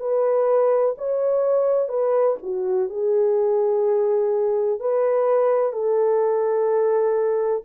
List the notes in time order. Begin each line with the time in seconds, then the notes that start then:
0.00 B4
0.98 C#5
1.89 B4
2.43 F#4
2.90 G#4
4.80 B4
5.73 A4